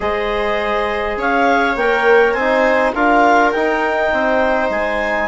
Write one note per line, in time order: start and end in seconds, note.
0.00 1.17 G#3
0.00 1.76 G#4
0.00 1.18 C5
0.00 1.18 D#5
1.17 1.75 C#4
1.17 2.34 C#5
1.17 1.76 F5
1.75 2.33 A#3
1.75 2.38 A#4
1.75 2.32 G5
2.32 2.92 C4
2.32 2.93 C5
2.32 2.91 G#5
2.39 2.95 D#4
2.94 3.54 D4
2.94 3.54 F4
2.94 4.13 A#4
2.94 3.51 F5
3.51 5.28 D#4
3.51 4.12 D#4
3.51 4.69 G5
4.12 4.69 C4
4.12 5.28 C5
4.69 5.28 G#3
4.69 5.28 G#5